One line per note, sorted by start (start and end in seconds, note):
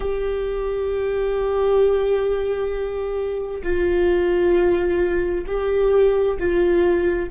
0.00 3.62 G4
3.63 5.45 F4
5.46 6.37 G4
6.39 7.30 F4